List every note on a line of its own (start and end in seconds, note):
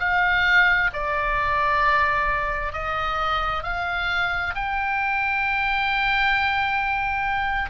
0.00 0.91 F5
0.93 2.73 D5
2.73 3.64 D#5
3.64 4.55 F5
4.55 7.70 G5